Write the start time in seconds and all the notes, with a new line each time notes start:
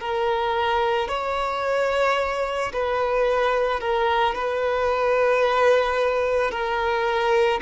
0.00 A#4
1.09 C#5
2.73 B4
3.80 A#4
4.35 B4
6.52 A#4